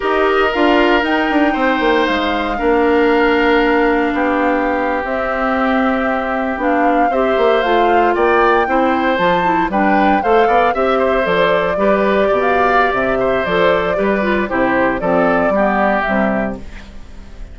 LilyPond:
<<
  \new Staff \with { instrumentName = "flute" } { \time 4/4 \tempo 4 = 116 dis''4 f''4 g''2 | f''1~ | f''4.~ f''16 e''2~ e''16~ | e''8. f''4 e''4 f''4 g''16~ |
g''4.~ g''16 a''4 g''4 f''16~ | f''8. e''4 d''2~ d''16 | f''4 e''4 d''2 | c''4 d''2 e''4 | }
  \new Staff \with { instrumentName = "oboe" } { \time 4/4 ais'2. c''4~ | c''4 ais'2. | g'1~ | g'4.~ g'16 c''2 d''16~ |
d''8. c''2 b'4 c''16~ | c''16 d''8 e''8 c''4. b'4 d''16~ | d''4. c''4. b'4 | g'4 a'4 g'2 | }
  \new Staff \with { instrumentName = "clarinet" } { \time 4/4 g'4 f'4 dis'2~ | dis'4 d'2.~ | d'4.~ d'16 c'2~ c'16~ | c'8. d'4 g'4 f'4~ f'16~ |
f'8. e'4 f'8 e'8 d'4 a'16~ | a'8. g'4 a'4 g'4~ g'16~ | g'2 a'4 g'8 f'8 | e'4 c'4 b4 g4 | }
  \new Staff \with { instrumentName = "bassoon" } { \time 4/4 dis'4 d'4 dis'8 d'8 c'8 ais8 | gis4 ais2. | b4.~ b16 c'2~ c'16~ | c'8. b4 c'8 ais8 a4 ais16~ |
ais8. c'4 f4 g4 a16~ | a16 b8 c'4 f4 g4 b,16~ | b,4 c4 f4 g4 | c4 f4 g4 c4 | }
>>